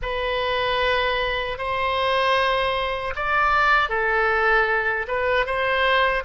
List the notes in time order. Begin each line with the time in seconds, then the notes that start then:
0.02 B4
1.58 C5
3.15 D5
3.89 A4
5.07 B4
5.45 C5